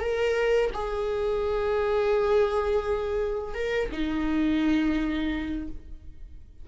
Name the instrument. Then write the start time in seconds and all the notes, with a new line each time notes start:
viola
0.00 A#4
0.74 G#4
3.54 A#4
3.92 D#4